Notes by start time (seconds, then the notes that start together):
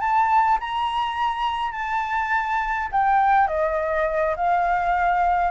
0.00 A5
0.60 A#5
1.72 A5
2.92 G5
3.47 D#5
4.36 F5